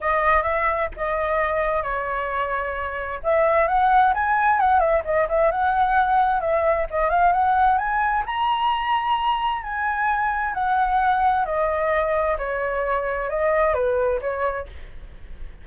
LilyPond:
\new Staff \with { instrumentName = "flute" } { \time 4/4 \tempo 4 = 131 dis''4 e''4 dis''2 | cis''2. e''4 | fis''4 gis''4 fis''8 e''8 dis''8 e''8 | fis''2 e''4 dis''8 f''8 |
fis''4 gis''4 ais''2~ | ais''4 gis''2 fis''4~ | fis''4 dis''2 cis''4~ | cis''4 dis''4 b'4 cis''4 | }